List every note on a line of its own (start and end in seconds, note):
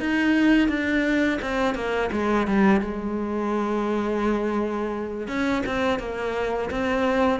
0.00 0.68 D#4
0.68 1.39 D4
1.41 1.75 C4
1.75 2.10 A#3
2.12 2.47 G#3
2.47 2.80 G3
2.80 5.27 G#3
5.27 5.62 C#4
5.66 5.99 C4
5.99 6.70 A#3
6.70 7.40 C4